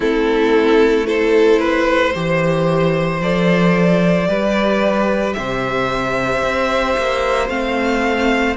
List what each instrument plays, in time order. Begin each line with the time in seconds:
0.00 cello A3, viola C4, violin E4 A4
1.05 viola E4, violin A4 C5
1.59 violin B4
2.13 cello E3, viola G4, violin C5
3.21 cello F3, viola A4, violin D5
4.28 cello G3, viola G4, violin B4
5.33 cello C3, violin C5 E5
6.42 cello C4
6.97 cello A#3
7.48 cello A3, viola C4, violin F5